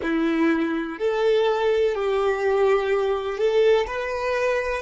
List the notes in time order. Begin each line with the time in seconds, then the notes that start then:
0.02 E4
0.98 A4
1.94 G4
3.37 A4
3.87 B4